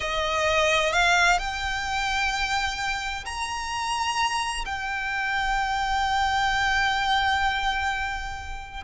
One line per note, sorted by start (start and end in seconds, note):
0.00 0.92 D#5
0.92 1.38 F5
1.38 3.24 G5
3.25 4.64 A#5
4.65 8.83 G5